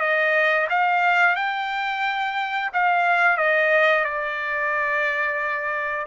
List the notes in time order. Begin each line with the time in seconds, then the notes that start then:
0.00 D#5
0.69 F5
1.36 G5
2.73 F5
3.37 D#5
4.04 D5